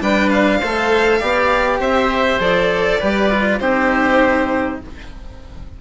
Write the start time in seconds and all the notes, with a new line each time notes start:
0.00 G3 D4 B4 G5
0.29 F5
0.59 A3 A4 C5
1.19 B3 G4 D5
1.79 C4 C5 E5
2.40 F3 A4 D5
2.99 G3 G4 B4
3.30 F4
3.59 C4 D#4 G4 C5